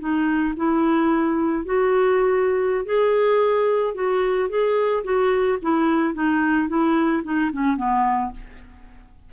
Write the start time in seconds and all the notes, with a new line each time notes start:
0.00 D#4
0.57 E4
1.66 F#4
2.86 G#4
3.95 F#4
4.50 G#4
5.05 F#4
5.63 E4
6.15 D#4
6.69 E4
7.24 D#4
7.53 C#4
7.78 B3